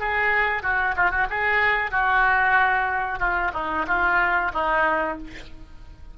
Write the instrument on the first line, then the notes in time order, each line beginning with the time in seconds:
oboe
0.00 G#4
0.63 F#4
0.96 F4
1.11 F#4
1.30 G#4
1.91 F#4
3.19 F4
3.54 D#4
3.88 F4
4.53 D#4